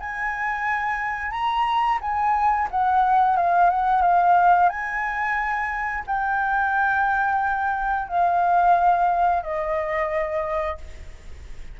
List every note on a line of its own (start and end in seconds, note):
0.00 1.31 G#5
1.31 1.99 A#5
2.01 2.68 G#5
2.71 3.36 F#5
3.36 3.70 F5
3.70 4.02 F#5
4.02 4.69 F5
4.69 6.04 G#5
6.07 8.08 G5
8.08 9.43 F5
9.43 10.78 D#5